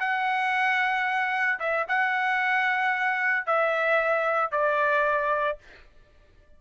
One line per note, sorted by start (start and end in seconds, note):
0.00 1.59 F#5
1.60 1.86 E5
1.88 3.46 F#5
3.46 4.52 E5
4.52 5.58 D5